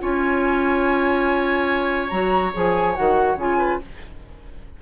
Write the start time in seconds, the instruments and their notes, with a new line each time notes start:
0.00 bassoon C#4, clarinet F4, oboe C#5, flute G#5
2.09 bassoon F#3, clarinet F#4, flute A#5
2.54 bassoon F3, clarinet G#4, flute G#5
2.95 bassoon D#3, clarinet F#4, flute F#5
3.36 bassoon C#3, clarinet F4, flute G#5
3.59 oboe B4